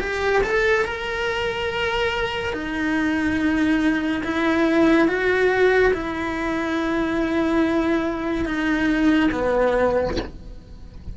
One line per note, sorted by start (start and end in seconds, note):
0.00 0.42 G4
0.43 0.85 A4
0.85 2.53 A#4
2.53 4.22 D#4
4.24 5.08 E4
5.08 5.92 F#4
5.93 8.45 E4
8.45 9.30 D#4
9.32 10.16 B3